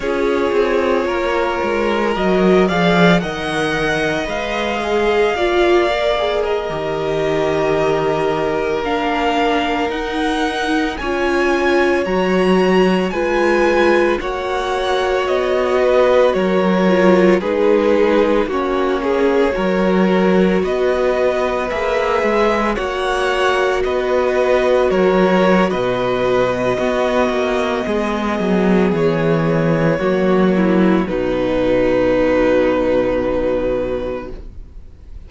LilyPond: <<
  \new Staff \with { instrumentName = "violin" } { \time 4/4 \tempo 4 = 56 cis''2 dis''8 f''8 fis''4 | f''2 dis''2~ | dis''16 f''4 fis''4 gis''4 ais''8.~ | ais''16 gis''4 fis''4 dis''4 cis''8.~ |
cis''16 b'4 cis''2 dis''8.~ | dis''16 e''4 fis''4 dis''4 cis''8. | dis''2. cis''4~ | cis''4 b'2. | }
  \new Staff \with { instrumentName = "violin" } { \time 4/4 gis'4 ais'4. d''8 dis''4~ | dis''4 d''4 ais'2~ | ais'2~ ais'16 cis''4.~ cis''16~ | cis''16 b'4 cis''4. b'8 ais'8.~ |
ais'16 gis'4 fis'8 gis'8 ais'4 b'8.~ | b'4~ b'16 cis''4 b'4 ais'8. | b'4 fis'4 gis'2 | fis'8 e'8 dis'2. | }
  \new Staff \with { instrumentName = "viola" } { \time 4/4 f'2 fis'8 gis'8 ais'4 | b'8 gis'8 f'8 ais'16 gis'8 g'4.~ g'16~ | g'16 d'4 dis'4 f'4 fis'8.~ | fis'16 f'4 fis'2~ fis'8 f'16~ |
f'16 dis'4 cis'4 fis'4.~ fis'16~ | fis'16 gis'4 fis'2~ fis'8.~ | fis'4 b2. | ais4 fis2. | }
  \new Staff \with { instrumentName = "cello" } { \time 4/4 cis'8 c'8 ais8 gis8 fis8 f8 dis4 | gis4 ais4~ ais16 dis4.~ dis16~ | dis16 ais4 dis'4 cis'4 fis8.~ | fis16 gis4 ais4 b4 fis8.~ |
fis16 gis4 ais4 fis4 b8.~ | b16 ais8 gis8 ais4 b4 fis8. | b,4 b8 ais8 gis8 fis8 e4 | fis4 b,2. | }
>>